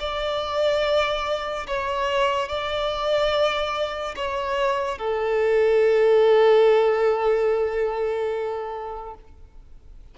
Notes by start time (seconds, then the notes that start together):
0.00 D5
1.67 C#5
2.49 D5
4.16 C#5
4.98 A4